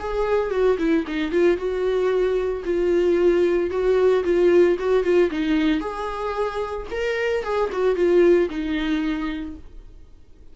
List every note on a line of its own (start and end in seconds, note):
0.00 0.51 G#4
0.51 0.77 F#4
0.79 1.05 E4
1.07 1.32 D#4
1.32 1.57 F4
1.57 2.64 F#4
2.65 3.71 F4
3.71 4.24 F#4
4.24 4.77 F4
4.80 5.04 F#4
5.04 5.30 F4
5.31 5.81 D#4
5.81 6.87 G#4
6.91 7.44 A#4
7.44 7.70 G#4
7.73 7.96 F#4
7.96 8.49 F4
8.50 9.56 D#4